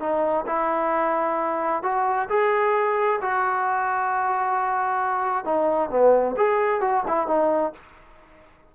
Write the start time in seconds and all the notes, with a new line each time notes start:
0.00 D#4
0.47 E4
1.83 F#4
2.29 G#4
3.21 F#4
5.45 D#4
5.90 B3
6.37 G#4
6.81 F#4
7.08 E4
7.27 D#4